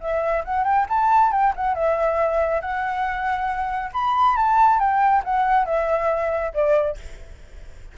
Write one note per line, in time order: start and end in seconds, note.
0.00 0.43 E5
0.44 0.64 F#5
0.64 0.86 G5
0.89 1.31 A5
1.31 1.53 G5
1.56 1.74 F#5
1.74 2.61 E5
2.61 3.91 F#5
3.92 4.36 B5
4.36 4.79 A5
4.79 5.23 G5
5.24 5.65 F#5
5.65 6.52 E5
6.53 6.97 D5